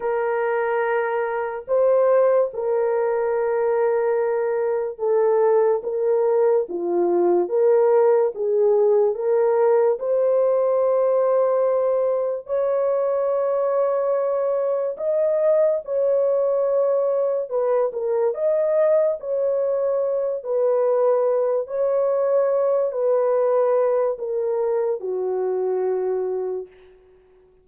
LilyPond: \new Staff \with { instrumentName = "horn" } { \time 4/4 \tempo 4 = 72 ais'2 c''4 ais'4~ | ais'2 a'4 ais'4 | f'4 ais'4 gis'4 ais'4 | c''2. cis''4~ |
cis''2 dis''4 cis''4~ | cis''4 b'8 ais'8 dis''4 cis''4~ | cis''8 b'4. cis''4. b'8~ | b'4 ais'4 fis'2 | }